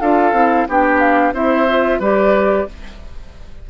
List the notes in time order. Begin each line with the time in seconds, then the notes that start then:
0.00 D4 F4 A4 F5
0.32 C4 E4
0.68 B3 D4 G4 G5
0.99 F5
1.32 C4 E4 C5 E5
1.68 F4
1.99 G3 G4 B4 D5